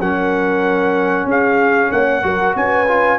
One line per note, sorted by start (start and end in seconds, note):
0.00 1.26 F#3
0.00 2.23 C#4
0.00 1.28 A#4
0.00 1.29 F#5
1.26 1.89 C#4
1.26 1.91 G#4
1.26 1.92 F5
1.91 2.24 A#3
1.91 2.23 C#5
1.91 2.56 F#5
2.23 2.56 F#3
2.23 2.87 F#4
2.23 2.57 A#4
2.56 3.19 C#4
2.56 3.19 B4
2.56 3.19 G#5
2.88 3.19 F4